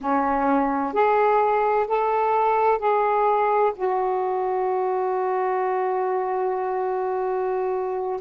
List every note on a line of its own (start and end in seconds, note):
0.00 0.93 C#4
0.93 1.87 G#4
1.87 2.78 A4
2.78 3.72 G#4
3.75 8.20 F#4